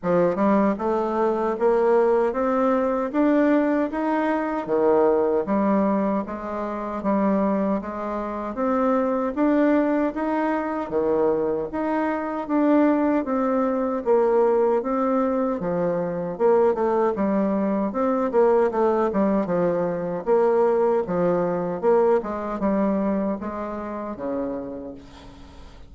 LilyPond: \new Staff \with { instrumentName = "bassoon" } { \time 4/4 \tempo 4 = 77 f8 g8 a4 ais4 c'4 | d'4 dis'4 dis4 g4 | gis4 g4 gis4 c'4 | d'4 dis'4 dis4 dis'4 |
d'4 c'4 ais4 c'4 | f4 ais8 a8 g4 c'8 ais8 | a8 g8 f4 ais4 f4 | ais8 gis8 g4 gis4 cis4 | }